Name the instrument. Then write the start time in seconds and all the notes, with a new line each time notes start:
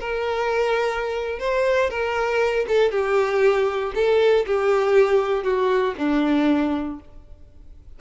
violin
0.00 A#4
1.39 C5
1.90 A#4
2.68 A4
2.91 G4
3.95 A4
4.46 G4
5.44 F#4
5.98 D4